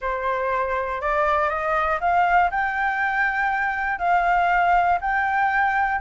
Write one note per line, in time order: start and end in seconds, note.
0.01 1.01 C5
1.01 1.49 D5
1.49 1.99 D#5
2.00 2.50 F5
2.50 3.98 G5
3.98 4.98 F5
5.00 6.00 G5